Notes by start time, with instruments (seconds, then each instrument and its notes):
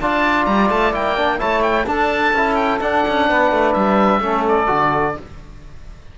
0.00 cello D4, trombone F4, saxophone D5, oboe A5
0.46 cello G3, oboe A#5
0.70 cello A3, oboe A5
0.92 cello A#3, trombone E4, oboe G5
1.17 trombone D4
1.38 cello A3, trombone E4, saxophone C#5, oboe A5
1.62 oboe G5
1.86 cello D4, trombone D4, saxophone A4, oboe A5
2.33 cello C#4, trombone E4
2.55 oboe G5
2.81 trombone D4, cello D4, oboe F#5
3.08 cello C#4
3.28 cello B3, saxophone B4
3.51 cello A3
3.73 cello G3, oboe E5
4.20 cello A3, trombone C#4, saxophone A4
4.48 oboe D5
4.67 cello D3, trombone F#4